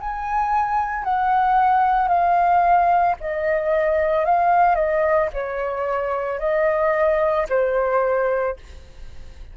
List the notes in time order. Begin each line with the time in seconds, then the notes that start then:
0.00 G#5
1.04 F#5
2.08 F5
3.20 D#5
4.25 F5
4.75 D#5
5.33 C#5
6.39 D#5
7.49 C5